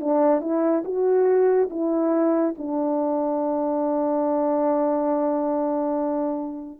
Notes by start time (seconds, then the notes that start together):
0.00 D4
0.41 E4
0.85 F#4
1.70 E4
2.58 D4